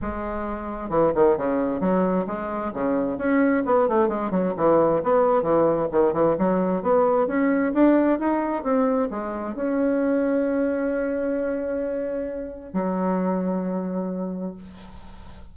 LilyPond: \new Staff \with { instrumentName = "bassoon" } { \time 4/4 \tempo 4 = 132 gis2 e8 dis8 cis4 | fis4 gis4 cis4 cis'4 | b8 a8 gis8 fis8 e4 b4 | e4 dis8 e8 fis4 b4 |
cis'4 d'4 dis'4 c'4 | gis4 cis'2.~ | cis'1 | fis1 | }